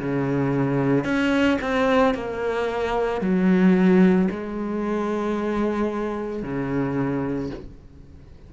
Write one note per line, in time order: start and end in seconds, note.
0.00 1.05 C#3
1.05 1.58 C#4
1.62 2.15 C4
2.15 3.22 A#3
3.22 4.29 F#3
4.31 6.43 G#3
6.43 7.50 C#3